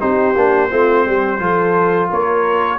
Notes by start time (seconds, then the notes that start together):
0.00 C4 D#4 G4 C5
0.36 A#3 D4
0.70 A3 C4 F4
1.06 G3 G4
1.40 F3 F4 A4
2.10 A#3 A#4 C#5